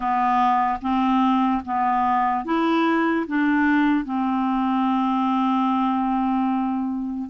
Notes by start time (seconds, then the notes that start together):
0.00 B3
0.81 C4
1.65 B3
2.44 E4
3.27 D4
4.05 C4